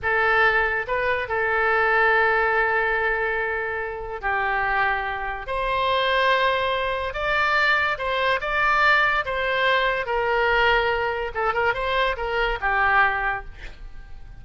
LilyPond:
\new Staff \with { instrumentName = "oboe" } { \time 4/4 \tempo 4 = 143 a'2 b'4 a'4~ | a'1~ | a'2 g'2~ | g'4 c''2.~ |
c''4 d''2 c''4 | d''2 c''2 | ais'2. a'8 ais'8 | c''4 ais'4 g'2 | }